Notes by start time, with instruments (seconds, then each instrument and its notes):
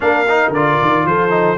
0.00 tuba A#3, trombone D4, horn A#4, trumpet F5
0.28 trombone D#4
0.49 tuba D3, trumpet D5
0.55 trombone F4
0.81 tuba D#3
1.05 tuba F3, horn A4, trumpet C5
1.29 trombone D#4